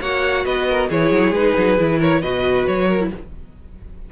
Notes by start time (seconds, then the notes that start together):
0.00 A#3 F#4 C#5 F#5
0.45 B3 B4 D#5
0.68 A#4
0.89 E3 E4 G#4 C#5
1.11 F#3
1.31 G#3 D#4 B4
1.57 F#3
1.77 E3 E4
1.99 A#4 C#5
2.21 B2 F#4 B4 D#5
2.66 F#3 C#5
2.87 A#4
3.00 E4